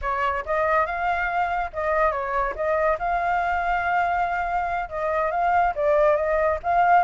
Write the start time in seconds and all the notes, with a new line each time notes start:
0.01 C#5
0.45 D#5
0.85 F5
1.73 D#5
2.11 C#5
2.55 D#5
2.99 F5
4.89 D#5
5.31 F5
5.75 D5
6.16 D#5
6.63 F5